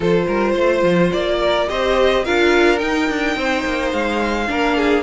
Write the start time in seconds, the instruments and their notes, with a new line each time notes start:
0.00 cello F3, viola F4, violin A4 C5
0.27 cello G3, violin A#4
0.52 cello A3, violin C5
0.82 cello F3
1.12 cello A#3, violin D5
1.39 violin A#4
1.67 cello C4, viola G4, violin C5 D#5
2.24 cello D4, viola F4, violin A#4 F5
2.78 viola D#4, cello D#4, violin G5
3.09 cello D4
3.36 cello C4, violin C5
3.64 cello A#3
3.92 cello G#3, violin F5
4.47 cello A#3, viola D4, violin A#4
4.77 violin G#4